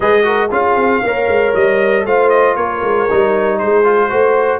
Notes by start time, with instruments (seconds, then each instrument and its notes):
0.00 tuba G#3, trombone G#4, horn B4, trumpet D#5
0.23 trombone F#4, horn A#4
0.51 tuba C#4, trombone F4, horn G#4, trumpet F5
0.76 tuba C4
1.03 tuba A#3, trombone A#4, horn C#5
1.28 tuba G#3
1.54 tuba G3, trumpet D#5
2.05 tuba A3, trombone F4, horn C5, trumpet F5
2.29 trumpet D#5
2.56 tuba A#3, horn A#4, trumpet C#5
2.82 tuba G#3
3.10 tuba G3, trombone D#4
3.59 tuba G#3, horn G#4, trumpet C5
3.83 trombone F4
4.09 tuba A3, trombone F#4, horn C5